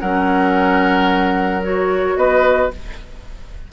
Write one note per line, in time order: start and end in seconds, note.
0.00 2.16 F#3
0.00 1.62 C#4
0.00 2.17 A#4
0.00 1.62 F#5
1.62 2.70 F#4
1.62 2.17 C#5
2.16 2.70 B3
2.16 2.72 B4
2.16 2.71 D#5